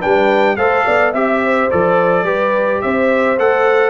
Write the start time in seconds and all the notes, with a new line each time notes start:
0.00 G3 D4 B4 G5
0.56 A3 A4 C5 F5
0.85 B3 D5
1.11 C4 G4 E5
1.44 C5
1.71 F3 A4 D5
2.23 G3 G4 B4
2.81 C4 C5 E5
3.38 A3 A4 F#5